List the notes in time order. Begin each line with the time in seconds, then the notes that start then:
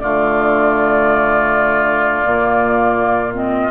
0.00 D3 A3 F4 D5
2.24 A#2 A#3
3.33 C4 D#5